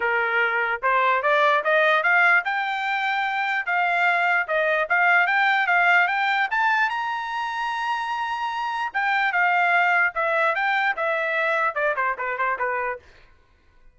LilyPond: \new Staff \with { instrumentName = "trumpet" } { \time 4/4 \tempo 4 = 148 ais'2 c''4 d''4 | dis''4 f''4 g''2~ | g''4 f''2 dis''4 | f''4 g''4 f''4 g''4 |
a''4 ais''2.~ | ais''2 g''4 f''4~ | f''4 e''4 g''4 e''4~ | e''4 d''8 c''8 b'8 c''8 b'4 | }